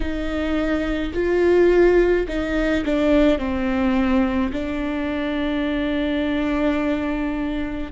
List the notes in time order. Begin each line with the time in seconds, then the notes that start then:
0.00 D#4
1.13 F4
2.27 D#4
2.85 D4
3.38 C4
4.52 D4